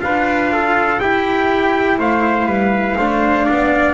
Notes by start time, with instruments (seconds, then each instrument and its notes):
0.00 double bass D4, cello F4, trumpet B4 F5
0.53 trumpet A4
1.00 double bass E4, cello E4, trumpet G4 G5
1.99 double bass A3, trumpet C5 F5
2.47 double bass G3, trumpet B4
2.98 double bass A3, cello D4, trumpet C5
3.46 double bass B3, trumpet D5